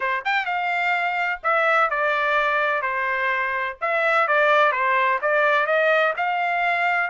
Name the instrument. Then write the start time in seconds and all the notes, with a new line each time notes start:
trumpet
0.00 C5
0.24 G5
0.45 F5
1.43 E5
1.90 D5
2.82 C5
3.81 E5
4.27 D5
4.72 C5
5.21 D5
5.66 D#5
6.17 F5